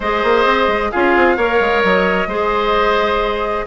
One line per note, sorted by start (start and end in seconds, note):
0.00 0.23 G#3
0.00 0.93 G#4
0.00 0.91 C5
0.00 0.91 D#5
0.23 0.44 A#3
0.44 0.67 C4
0.67 0.90 G#3
0.91 1.16 C#4
0.91 1.37 F4
0.91 1.36 G#4
0.91 1.82 F5
1.16 1.37 C4
1.36 1.60 A#3
1.36 2.29 A#4
1.36 2.28 C#5
1.60 1.83 G#3
1.83 2.26 F#3
1.83 3.67 D#5
2.26 3.64 G#3
2.26 3.67 G#4
2.26 3.65 C5